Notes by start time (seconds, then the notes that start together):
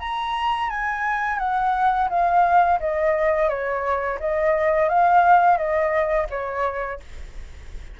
0.00 A#5
0.70 G#5
1.39 F#5
2.10 F5
2.80 D#5
3.49 C#5
4.20 D#5
4.89 F5
5.58 D#5
6.30 C#5